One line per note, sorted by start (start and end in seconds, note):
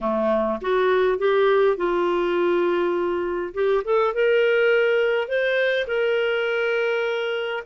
0.00 0.59 A3
0.61 1.18 F#4
1.18 1.76 G4
1.76 3.53 F4
3.54 3.83 G4
3.84 4.14 A4
4.14 5.28 A#4
5.28 5.86 C5
5.87 7.63 A#4